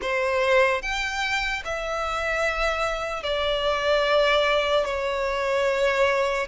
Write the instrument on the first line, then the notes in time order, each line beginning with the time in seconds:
violin
0.01 C5
0.81 G5
1.64 E5
3.23 D5
4.85 C#5